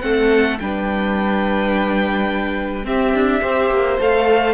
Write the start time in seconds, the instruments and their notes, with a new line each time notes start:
0.00 cello A3, viola C4, violin A4 F#5
0.59 cello G3, viola D4, violin B4 G5
2.83 viola C4, cello C4, violin G4 E5
3.14 cello D4
3.41 cello C4, viola G4, violin C5
3.70 cello A#3
3.99 cello A3, viola A4, violin F5